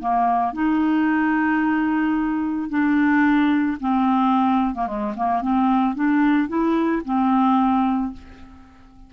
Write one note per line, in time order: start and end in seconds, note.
0.00 0.53 A#3
0.53 2.70 D#4
2.70 3.78 D4
3.81 4.75 C4
4.75 4.87 A#3
4.87 5.14 G#3
5.17 5.42 A#3
5.42 5.95 C4
5.95 6.48 D4
6.48 7.02 E4
7.05 8.13 C4